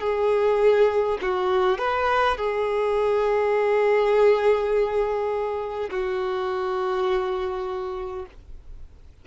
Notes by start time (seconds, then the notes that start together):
0.00 G#4
1.21 F#4
1.78 B4
2.36 G#4
5.90 F#4